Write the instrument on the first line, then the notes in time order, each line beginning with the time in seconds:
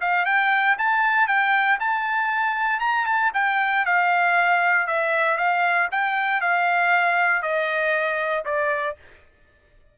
trumpet
0.00 F5
0.25 G5
0.78 A5
1.27 G5
1.79 A5
2.79 A#5
3.06 A5
3.34 G5
3.85 F5
4.87 E5
5.37 F5
5.91 G5
6.41 F5
7.42 D#5
8.45 D5